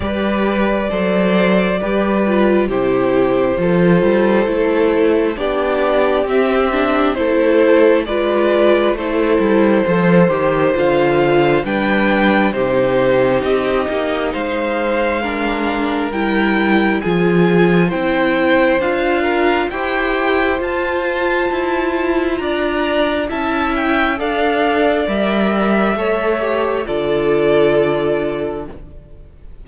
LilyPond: <<
  \new Staff \with { instrumentName = "violin" } { \time 4/4 \tempo 4 = 67 d''2. c''4~ | c''2 d''4 e''4 | c''4 d''4 c''2 | f''4 g''4 c''4 dis''4 |
f''2 g''4 gis''4 | g''4 f''4 g''4 a''4~ | a''4 ais''4 a''8 g''8 f''4 | e''2 d''2 | }
  \new Staff \with { instrumentName = "violin" } { \time 4/4 b'4 c''4 b'4 g'4 | a'2 g'2 | a'4 b'4 a'4 c''4~ | c''4 b'4 g'2 |
c''4 ais'2 gis'4 | c''4. ais'8 c''2~ | c''4 d''4 e''4 d''4~ | d''4 cis''4 a'2 | }
  \new Staff \with { instrumentName = "viola" } { \time 4/4 g'4 a'4 g'8 f'8 e'4 | f'4 e'4 d'4 c'8 d'8 | e'4 f'4 e'4 a'8 g'8 | f'4 d'4 dis'2~ |
dis'4 d'4 e'4 f'4 | e'4 f'4 g'4 f'4~ | f'2 e'4 a'4 | ais'4 a'8 g'8 f'2 | }
  \new Staff \with { instrumentName = "cello" } { \time 4/4 g4 fis4 g4 c4 | f8 g8 a4 b4 c'4 | a4 gis4 a8 g8 f8 dis8 | d4 g4 c4 c'8 ais8 |
gis2 g4 f4 | c'4 d'4 e'4 f'4 | e'4 d'4 cis'4 d'4 | g4 a4 d2 | }
>>